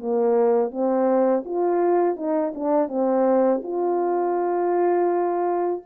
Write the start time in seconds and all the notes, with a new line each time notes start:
0.00 A#3
0.71 C4
1.45 F4
2.17 D#4
2.55 D4
2.89 C4
3.64 F4